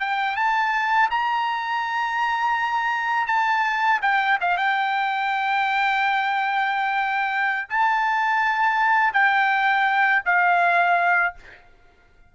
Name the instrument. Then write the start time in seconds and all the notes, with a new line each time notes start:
trumpet
0.00 G5
0.36 A5
1.11 A#5
3.27 A5
4.02 G5
4.41 F5
4.58 G5
7.69 A5
9.13 G5
10.25 F5